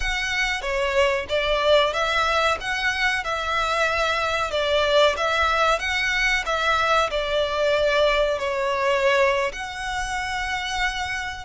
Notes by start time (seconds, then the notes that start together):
0.00 F#5
0.61 C#5
1.28 D5
1.93 E5
2.60 F#5
3.24 E5
4.50 D5
5.16 E5
5.79 F#5
6.45 E5
7.10 D5
8.39 C#5
9.52 F#5